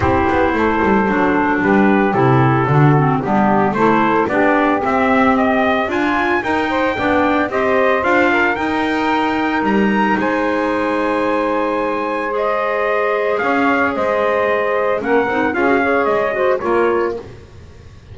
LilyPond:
<<
  \new Staff \with { instrumentName = "trumpet" } { \time 4/4 \tempo 4 = 112 c''2. b'4 | a'2 g'4 c''4 | d''4 e''4 dis''4 gis''4 | g''2 dis''4 f''4 |
g''2 ais''4 gis''4~ | gis''2. dis''4~ | dis''4 f''4 dis''2 | fis''4 f''4 dis''4 cis''4 | }
  \new Staff \with { instrumentName = "saxophone" } { \time 4/4 g'4 a'2 g'4~ | g'4 fis'4 d'4 a'4 | g'2. f'4 | ais'8 c''8 d''4 c''4. ais'8~ |
ais'2. c''4~ | c''1~ | c''4 cis''4 c''2 | ais'4 gis'8 cis''4 c''8 ais'4 | }
  \new Staff \with { instrumentName = "clarinet" } { \time 4/4 e'2 d'2 | e'4 d'8 c'8 b4 e'4 | d'4 c'2 f'4 | dis'4 d'4 g'4 f'4 |
dis'1~ | dis'2. gis'4~ | gis'1 | cis'8 dis'8 f'16 fis'16 gis'4 fis'8 f'4 | }
  \new Staff \with { instrumentName = "double bass" } { \time 4/4 c'8 b8 a8 g8 fis4 g4 | c4 d4 g4 a4 | b4 c'2 d'4 | dis'4 b4 c'4 d'4 |
dis'2 g4 gis4~ | gis1~ | gis4 cis'4 gis2 | ais8 c'8 cis'4 gis4 ais4 | }
>>